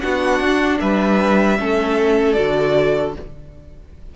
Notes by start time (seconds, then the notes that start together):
0.00 B3 D4 F#4 F#5
0.40 D4
0.80 G3 B4 E5
1.58 A3 C#4 A4
2.33 D3 F#4 D5